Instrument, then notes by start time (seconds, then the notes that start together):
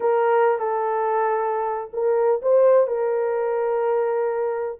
horn
0.00 A#4
0.58 A4
1.93 A#4
2.42 C5
2.87 A#4